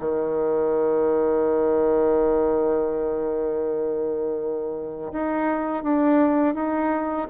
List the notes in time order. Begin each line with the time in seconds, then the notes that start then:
0.00 D#3
5.13 D#4
5.83 D4
6.55 D#4